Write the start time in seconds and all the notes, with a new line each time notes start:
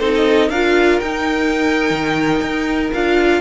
0.00 C4 D#4 A4 C5
0.15 D#5
0.50 D4 F4 A#4 F5
1.00 D#4 G5
1.91 D#3
2.42 D#4
2.94 D4 F4 F5